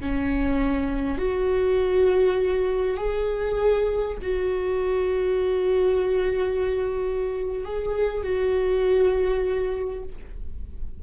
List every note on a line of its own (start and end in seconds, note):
0.00 1.17 C#4
1.17 2.97 F#4
2.97 4.17 G#4
4.21 7.64 F#4
7.64 8.23 G#4
8.23 10.03 F#4